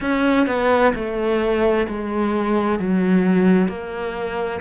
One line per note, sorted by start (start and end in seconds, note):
0.00 0.47 C#4
0.47 0.93 B3
0.94 1.87 A3
1.88 2.79 G#3
2.79 3.68 F#3
3.68 4.60 A#3